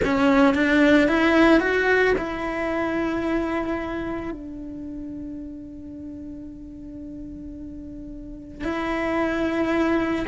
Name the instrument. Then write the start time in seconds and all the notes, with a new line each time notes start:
cello
0.04 C#4
0.54 D4
1.07 E4
1.60 F#4
2.17 E4
4.31 D4
8.64 E4